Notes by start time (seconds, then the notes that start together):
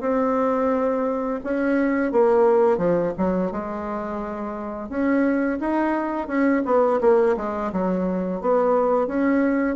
0.00 C4
1.44 C#4
2.12 A#3
2.77 F3
3.17 F#3
3.51 G#3
4.89 C#4
5.60 D#4
6.27 C#4
6.65 B3
7.01 A#3
7.36 G#3
7.72 F#3
8.41 B3
9.07 C#4